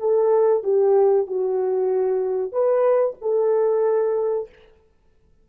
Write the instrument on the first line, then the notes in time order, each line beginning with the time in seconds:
horn
0.00 A4
0.64 G4
1.27 F#4
2.52 B4
3.21 A4